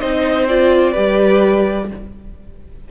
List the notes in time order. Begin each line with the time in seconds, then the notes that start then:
0.00 C4 D#4 C5 D#5
0.48 F4 D5
0.91 G3 G4 B4